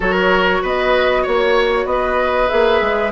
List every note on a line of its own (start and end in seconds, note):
0.00 0.61 F#3
0.00 2.49 F#4
0.00 0.62 A#4
0.00 0.64 C#5
0.62 1.25 B3
0.62 1.22 B4
0.62 1.24 D#5
1.22 1.85 A#3
1.22 1.85 C#5
1.22 1.86 C#5
1.85 2.47 B3
1.85 2.48 D#5
1.91 3.11 B4
2.49 2.81 A#3
2.49 3.11 G#4
2.49 3.11 E5
2.81 3.11 G#3